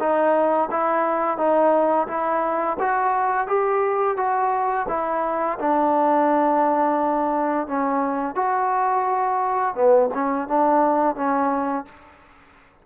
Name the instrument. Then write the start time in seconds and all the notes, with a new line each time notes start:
trombone
0.00 D#4
0.71 E4
1.38 D#4
2.08 E4
2.80 F#4
3.48 G4
4.17 F#4
4.89 E4
5.59 D4
7.68 C#4
8.36 F#4
9.75 B3
10.14 C#4
10.48 D4
11.16 C#4